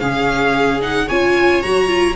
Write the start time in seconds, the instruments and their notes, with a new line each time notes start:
0.00 tuba C#3, viola C#4 G#4, violin F5
0.81 viola D#4, violin F#5
1.07 tuba C#4, viola F4 C#5, violin G#5
1.62 tuba F#3, viola F#4, violin A#5
1.87 viola F4